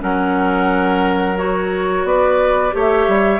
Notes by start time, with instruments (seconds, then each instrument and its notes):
0.00 bassoon F#3, clarinet C#4, oboe A#4, flute F#5
1.37 clarinet F#4, flute C#5
2.04 bassoon B3, oboe B4, flute D5
2.72 bassoon A3, clarinet G4, oboe C#5
2.80 flute E5
3.08 bassoon G3